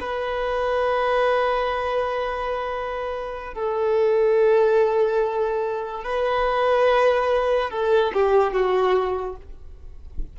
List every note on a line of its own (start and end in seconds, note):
0.00 3.53 B4
3.53 6.03 A4
6.03 7.70 B4
7.70 8.12 A4
8.13 8.52 G4
8.52 9.36 F#4